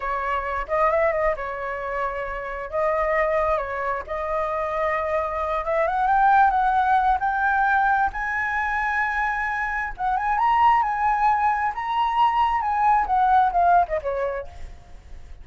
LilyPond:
\new Staff \with { instrumentName = "flute" } { \time 4/4 \tempo 4 = 133 cis''4. dis''8 e''8 dis''8 cis''4~ | cis''2 dis''2 | cis''4 dis''2.~ | dis''8 e''8 fis''8 g''4 fis''4. |
g''2 gis''2~ | gis''2 fis''8 gis''8 ais''4 | gis''2 ais''2 | gis''4 fis''4 f''8. dis''16 cis''4 | }